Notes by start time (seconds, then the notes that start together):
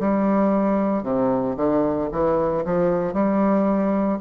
0.00 G3
1.03 C3
1.57 D3
2.12 E3
2.65 F3
3.13 G3